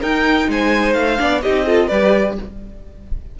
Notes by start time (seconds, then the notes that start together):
0.00 D#4 A#4 G5
0.48 G#3 C5 G#5
0.93 A3 F5
1.17 B3 D4 D5
1.42 C4 D#4 G4 D#5
1.66 F4 A4
1.87 G3 G4 B4 D5